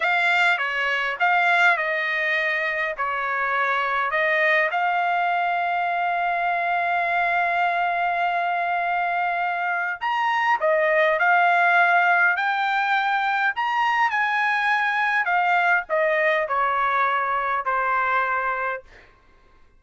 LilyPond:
\new Staff \with { instrumentName = "trumpet" } { \time 4/4 \tempo 4 = 102 f''4 cis''4 f''4 dis''4~ | dis''4 cis''2 dis''4 | f''1~ | f''1~ |
f''4 ais''4 dis''4 f''4~ | f''4 g''2 ais''4 | gis''2 f''4 dis''4 | cis''2 c''2 | }